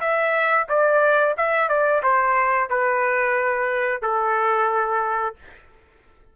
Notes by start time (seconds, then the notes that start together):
0.00 E5
0.68 D5
1.37 E5
1.68 D5
2.02 C5
2.69 B4
4.02 A4